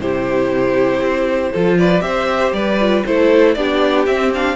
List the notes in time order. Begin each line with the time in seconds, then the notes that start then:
0.00 C3 E4 G4 C5
1.00 C4
1.52 F3 F4 A4
1.78 B4 D5
2.00 C4 G4 C5 E5
2.52 G3 B4 D5
2.80 F4
3.06 A3 E4 A4 C5
3.54 B3 D4 G4 D5
4.06 C4 E5
4.34 D4 F5